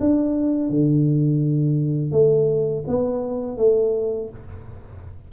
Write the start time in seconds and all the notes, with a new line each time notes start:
0.00 D4
0.70 D3
2.12 A3
2.87 B3
3.58 A3